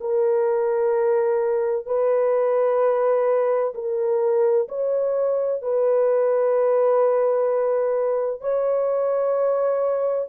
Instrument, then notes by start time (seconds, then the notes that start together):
horn
0.00 A#4
1.86 B4
3.74 A#4
4.68 C#5
5.62 B4
8.40 C#5